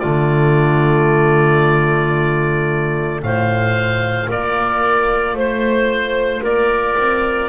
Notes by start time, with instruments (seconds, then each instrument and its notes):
0.00 double bass D3, trombone A3, clarinet F4, oboe D5
3.23 double bass A2, trombone F4, clarinet C5, oboe F5
4.29 double bass A#3, clarinet A#4, oboe D5
5.34 double bass A3, clarinet C5, oboe C5
6.43 double bass A#3, clarinet A#4, oboe D5
6.98 double bass C4